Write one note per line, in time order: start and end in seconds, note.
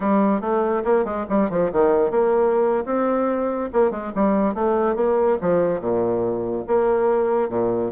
0.00 0.40 G3
0.40 0.82 A3
0.84 1.04 A#3
1.04 1.25 G#3
1.29 1.49 G3
1.49 1.71 F3
1.72 2.10 D#3
2.10 2.84 A#3
2.85 3.69 C4
3.73 3.90 A#3
3.90 4.12 G#3
4.15 4.54 G3
4.54 4.95 A3
4.95 5.37 A#3
5.41 5.80 F3
5.80 6.65 A#2
6.67 7.49 A#3
7.49 7.91 A#2